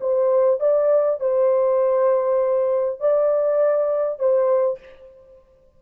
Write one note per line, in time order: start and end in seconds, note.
0.00 0.60 C5
0.60 1.20 D5
1.20 3.00 C5
3.00 4.19 D5
4.19 4.79 C5